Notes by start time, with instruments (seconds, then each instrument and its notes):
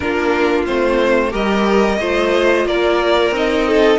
0.00 cello A#3, viola D4, violin F4 A#4
0.66 cello A3, viola C4, violin C5
1.30 cello G3, viola G4, violin A#4 D#5
2.00 cello A3, viola F4, violin C5
2.65 cello A#3, violin A#4 D5
3.31 cello C4, viola D#4, violin D#5
3.67 violin A4